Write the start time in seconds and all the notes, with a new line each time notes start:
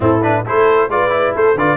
0.00 A2 C4 E4 A4
0.22 D4 B4
0.44 A3 E4 A4 C5
0.88 G#3 F4 B4 D5
1.09 E4
1.35 A3 A4 C5
1.54 D3 F4 B4 D5